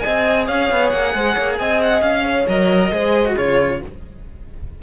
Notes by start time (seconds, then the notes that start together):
0.00 C4 G#4 D#5 G#5
0.46 C#4 C#5 F5
0.71 B3
0.89 A#3 F#5
1.14 G#3 C5
1.34 A#3 C#5
1.59 C4 D#5 G#5
1.82 F#5
2.01 C#4 F5
2.23 C#5
2.48 F#3 A#4 D#5
2.91 G#3 G#4 C5
3.25 F#4
3.34 C#3 F4 G#4 C#5